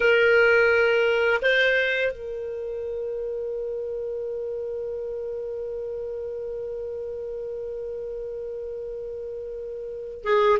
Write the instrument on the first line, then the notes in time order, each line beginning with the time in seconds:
clarinet
0.00 A#4
1.42 C5
2.11 A#4
10.23 G#4